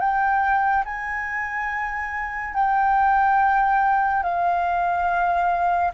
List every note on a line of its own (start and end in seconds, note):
0.00 0.85 G5
0.85 2.54 G#5
2.55 4.23 G5
4.23 5.92 F5